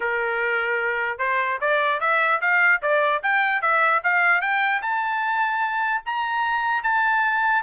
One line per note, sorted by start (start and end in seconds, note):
0.00 1.18 A#4
1.18 1.58 C5
1.61 2.00 D5
2.00 2.40 E5
2.41 2.81 F5
2.82 3.22 D5
3.22 3.61 G5
3.61 4.02 E5
4.03 4.41 F5
4.41 4.81 G5
4.82 6.02 A5
6.05 6.83 A#5
6.83 7.63 A5